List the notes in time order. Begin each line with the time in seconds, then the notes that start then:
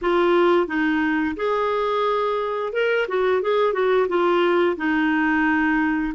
0.01 F4
0.67 D#4
1.36 G#4
2.72 A#4
3.07 F#4
3.42 G#4
3.73 F#4
4.08 F4
4.77 D#4